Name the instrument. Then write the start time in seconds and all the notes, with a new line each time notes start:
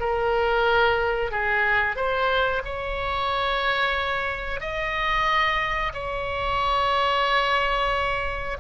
oboe
0.00 A#4
1.32 G#4
1.96 C5
2.65 C#5
4.61 D#5
5.94 C#5